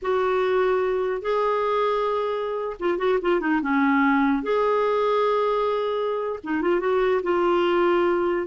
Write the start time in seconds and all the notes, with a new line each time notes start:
0.02 F#4
1.21 G#4
2.79 F4
2.98 F#4
3.21 F4
3.40 D#4
3.61 C#4
4.43 G#4
6.43 D#4
6.61 F4
6.80 F#4
7.23 F4